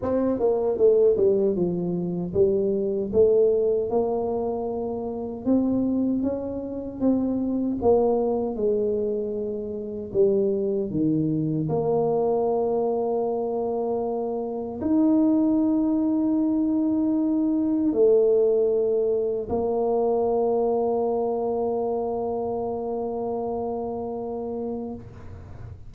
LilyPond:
\new Staff \with { instrumentName = "tuba" } { \time 4/4 \tempo 4 = 77 c'8 ais8 a8 g8 f4 g4 | a4 ais2 c'4 | cis'4 c'4 ais4 gis4~ | gis4 g4 dis4 ais4~ |
ais2. dis'4~ | dis'2. a4~ | a4 ais2.~ | ais1 | }